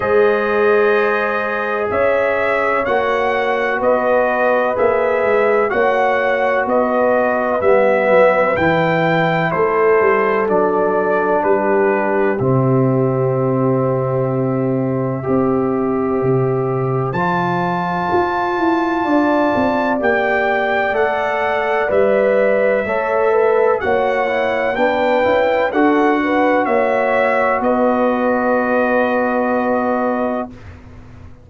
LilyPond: <<
  \new Staff \with { instrumentName = "trumpet" } { \time 4/4 \tempo 4 = 63 dis''2 e''4 fis''4 | dis''4 e''4 fis''4 dis''4 | e''4 g''4 c''4 d''4 | b'4 e''2.~ |
e''2 a''2~ | a''4 g''4 fis''4 e''4~ | e''4 fis''4 g''4 fis''4 | e''4 dis''2. | }
  \new Staff \with { instrumentName = "horn" } { \time 4/4 c''2 cis''2 | b'2 cis''4 b'4~ | b'2 a'2 | g'1 |
c''1 | d''1 | cis''8 b'8 cis''4 b'4 a'8 b'8 | cis''4 b'2. | }
  \new Staff \with { instrumentName = "trombone" } { \time 4/4 gis'2. fis'4~ | fis'4 gis'4 fis'2 | b4 e'2 d'4~ | d'4 c'2. |
g'2 f'2~ | f'4 g'4 a'4 b'4 | a'4 fis'8 e'8 d'8 e'8 fis'4~ | fis'1 | }
  \new Staff \with { instrumentName = "tuba" } { \time 4/4 gis2 cis'4 ais4 | b4 ais8 gis8 ais4 b4 | g8 fis8 e4 a8 g8 fis4 | g4 c2. |
c'4 c4 f4 f'8 e'8 | d'8 c'8 ais4 a4 g4 | a4 ais4 b8 cis'8 d'4 | ais4 b2. | }
>>